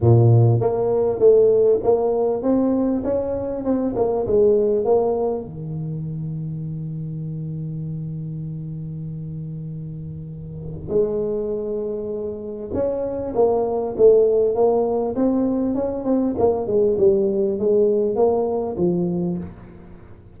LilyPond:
\new Staff \with { instrumentName = "tuba" } { \time 4/4 \tempo 4 = 99 ais,4 ais4 a4 ais4 | c'4 cis'4 c'8 ais8 gis4 | ais4 dis2.~ | dis1~ |
dis2 gis2~ | gis4 cis'4 ais4 a4 | ais4 c'4 cis'8 c'8 ais8 gis8 | g4 gis4 ais4 f4 | }